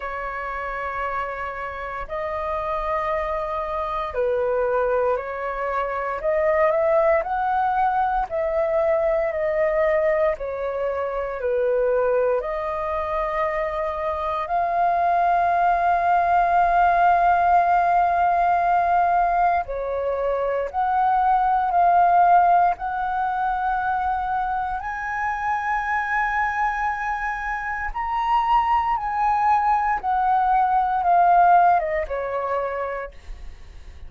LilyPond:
\new Staff \with { instrumentName = "flute" } { \time 4/4 \tempo 4 = 58 cis''2 dis''2 | b'4 cis''4 dis''8 e''8 fis''4 | e''4 dis''4 cis''4 b'4 | dis''2 f''2~ |
f''2. cis''4 | fis''4 f''4 fis''2 | gis''2. ais''4 | gis''4 fis''4 f''8. dis''16 cis''4 | }